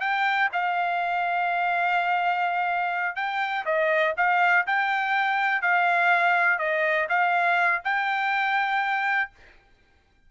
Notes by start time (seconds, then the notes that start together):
0.00 G5
0.52 F5
3.16 G5
3.65 D#5
4.17 F5
4.66 G5
5.62 F5
6.59 D#5
7.09 F5
7.84 G5